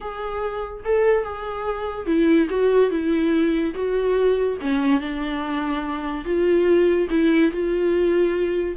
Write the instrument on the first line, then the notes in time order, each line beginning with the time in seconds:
viola
0.00 G#4
0.84 A4
1.24 G#4
2.06 E4
2.49 F#4
2.90 E4
3.74 F#4
4.61 C#4
5.00 D4
6.24 F4
7.10 E4
7.51 F4